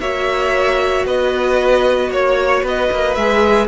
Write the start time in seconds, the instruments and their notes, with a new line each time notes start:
0.00 cello A#3, viola F#4, violin C#5 E5
1.05 cello B3, violin B4 D#5
2.10 cello A#3, violin C#5
2.63 cello B3, violin B4 D#5
2.91 cello A#3
3.15 cello G#3, viola G#4, violin E5